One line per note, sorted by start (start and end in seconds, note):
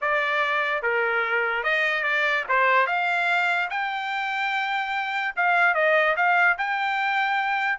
0.01 0.82 D5
0.82 1.63 A#4
1.63 2.03 D#5
2.03 2.44 D5
2.49 2.86 C5
2.86 3.69 F5
3.70 5.34 G5
5.36 5.74 F5
5.74 6.15 D#5
6.16 6.57 F5
6.58 7.79 G5